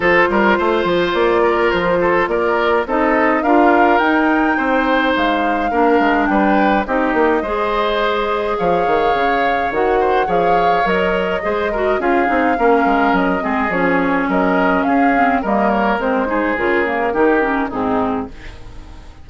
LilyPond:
<<
  \new Staff \with { instrumentName = "flute" } { \time 4/4 \tempo 4 = 105 c''2 d''4 c''4 | d''4 dis''4 f''4 g''4~ | g''4 f''2 g''4 | dis''2. f''4~ |
f''4 fis''4 f''4 dis''4~ | dis''4 f''2 dis''4 | cis''4 dis''4 f''4 dis''8 cis''8 | c''4 ais'2 gis'4 | }
  \new Staff \with { instrumentName = "oboe" } { \time 4/4 a'8 ais'8 c''4. ais'4 a'8 | ais'4 a'4 ais'2 | c''2 ais'4 b'4 | g'4 c''2 cis''4~ |
cis''4. c''8 cis''2 | c''8 ais'8 gis'4 ais'4. gis'8~ | gis'4 ais'4 gis'4 ais'4~ | ais'8 gis'4. g'4 dis'4 | }
  \new Staff \with { instrumentName = "clarinet" } { \time 4/4 f'1~ | f'4 dis'4 f'4 dis'4~ | dis'2 d'2 | dis'4 gis'2.~ |
gis'4 fis'4 gis'4 ais'4 | gis'8 fis'8 f'8 dis'8 cis'4. c'8 | cis'2~ cis'8 c'8 ais4 | c'8 dis'8 f'8 ais8 dis'8 cis'8 c'4 | }
  \new Staff \with { instrumentName = "bassoon" } { \time 4/4 f8 g8 a8 f8 ais4 f4 | ais4 c'4 d'4 dis'4 | c'4 gis4 ais8 gis8 g4 | c'8 ais8 gis2 f8 dis8 |
cis4 dis4 f4 fis4 | gis4 cis'8 c'8 ais8 gis8 fis8 gis8 | f4 fis4 cis'4 g4 | gis4 cis4 dis4 gis,4 | }
>>